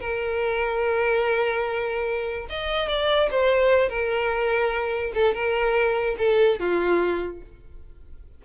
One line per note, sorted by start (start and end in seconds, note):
0.00 2.47 A#4
2.49 2.88 D#5
2.88 3.29 D5
3.31 3.89 C5
3.89 5.12 A#4
5.14 5.34 A4
5.34 6.16 A#4
6.18 6.59 A4
6.59 7.41 F4